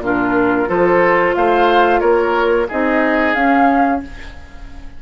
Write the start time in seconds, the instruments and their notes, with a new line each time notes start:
0.00 bassoon A#2, clarinet D4, oboe F4, flute A#4
0.67 bassoon F3, clarinet F4, oboe A4, flute C5
1.35 bassoon A3, oboe C5, flute F5
2.00 bassoon A#3, oboe A#4, flute C#5
2.68 bassoon C4, clarinet D#4, oboe G#4, flute D#5
3.34 bassoon C#4, clarinet C#4, flute F5